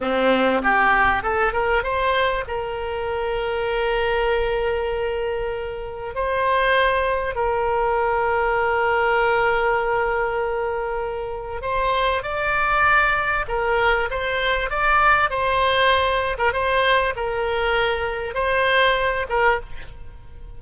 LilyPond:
\new Staff \with { instrumentName = "oboe" } { \time 4/4 \tempo 4 = 98 c'4 g'4 a'8 ais'8 c''4 | ais'1~ | ais'2 c''2 | ais'1~ |
ais'2. c''4 | d''2 ais'4 c''4 | d''4 c''4.~ c''16 ais'16 c''4 | ais'2 c''4. ais'8 | }